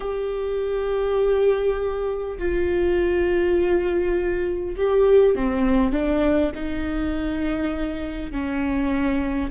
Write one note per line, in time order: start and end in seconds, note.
0.00 2.38 G4
2.38 4.76 F4
4.76 5.35 G4
5.35 5.92 C4
5.92 6.52 D4
6.54 8.31 D#4
8.31 9.50 C#4